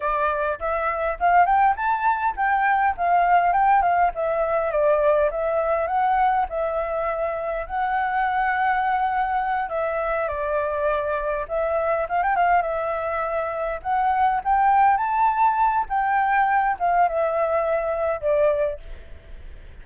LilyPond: \new Staff \with { instrumentName = "flute" } { \time 4/4 \tempo 4 = 102 d''4 e''4 f''8 g''8 a''4 | g''4 f''4 g''8 f''8 e''4 | d''4 e''4 fis''4 e''4~ | e''4 fis''2.~ |
fis''8 e''4 d''2 e''8~ | e''8 f''16 g''16 f''8 e''2 fis''8~ | fis''8 g''4 a''4. g''4~ | g''8 f''8 e''2 d''4 | }